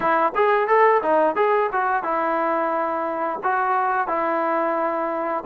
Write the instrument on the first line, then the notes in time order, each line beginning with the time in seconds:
trombone
0.00 E4
0.35 G#4
0.67 A4
1.02 D#4
1.35 G#4
1.72 F#4
2.03 E4
3.43 F#4
4.07 E4